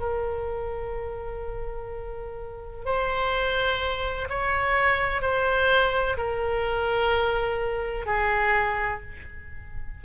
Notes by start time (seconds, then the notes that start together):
0.00 A#4
2.86 C5
4.29 C#5
5.22 C5
6.18 A#4
8.06 G#4